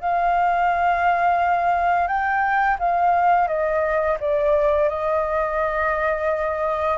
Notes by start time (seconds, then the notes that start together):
0.00 F5
2.07 G5
2.79 F5
3.48 D#5
4.20 D5
4.89 D#5